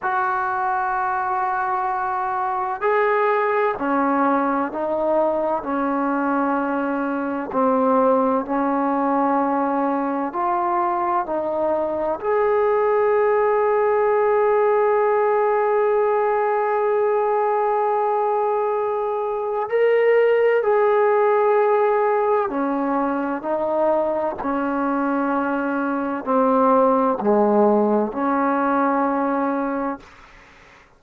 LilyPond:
\new Staff \with { instrumentName = "trombone" } { \time 4/4 \tempo 4 = 64 fis'2. gis'4 | cis'4 dis'4 cis'2 | c'4 cis'2 f'4 | dis'4 gis'2.~ |
gis'1~ | gis'4 ais'4 gis'2 | cis'4 dis'4 cis'2 | c'4 gis4 cis'2 | }